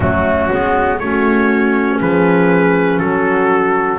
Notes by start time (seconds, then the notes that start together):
0.00 F#3 A3 C#4 F#4
0.51 G#3 B3
0.99 A3 C#4 F#4 C#5
2.00 F3 G#4 B4
2.99 F#3 F#4 A4